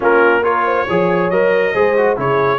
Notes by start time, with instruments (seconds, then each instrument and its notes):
0.00 tuba A#3, trombone C#4, horn F4, trumpet A#4
0.42 trombone F4, horn A#4, trumpet C#5
0.65 horn C5
0.87 tuba F3, trombone G#4, horn C#5
1.30 tuba F#3, trombone A#4, trumpet D#5
1.74 tuba G#3, trombone G#4, horn C5
1.97 trombone F#4
2.16 tuba C#3, trombone E4, horn G#4, trumpet C#5